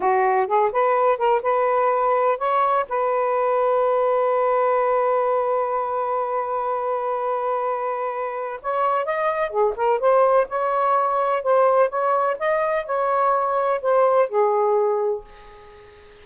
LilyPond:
\new Staff \with { instrumentName = "saxophone" } { \time 4/4 \tempo 4 = 126 fis'4 gis'8 b'4 ais'8 b'4~ | b'4 cis''4 b'2~ | b'1~ | b'1~ |
b'2 cis''4 dis''4 | gis'8 ais'8 c''4 cis''2 | c''4 cis''4 dis''4 cis''4~ | cis''4 c''4 gis'2 | }